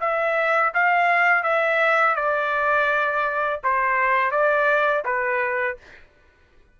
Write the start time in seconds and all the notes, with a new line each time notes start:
0.00 E5
0.74 F5
1.43 E5
2.16 D5
3.63 C5
4.31 D5
5.05 B4